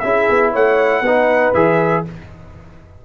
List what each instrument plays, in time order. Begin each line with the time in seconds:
0.00 tuba C#4, trombone E4, horn G#4, trumpet E5
0.29 tuba B3
0.52 tuba A3, horn C#5, trumpet F#5
1.01 tuba B3, trombone D#4, horn B4
1.54 tuba E3, trombone G#4, trumpet E5